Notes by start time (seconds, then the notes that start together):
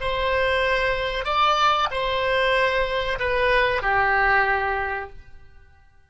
0.00 C5
1.24 D5
1.91 C5
3.19 B4
3.82 G4